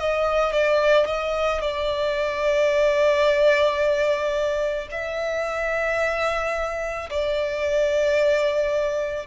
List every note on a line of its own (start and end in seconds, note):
0.00 0.53 D#5
0.53 1.07 D5
1.07 1.61 D#5
1.62 4.89 D5
4.91 7.10 E5
7.10 9.27 D5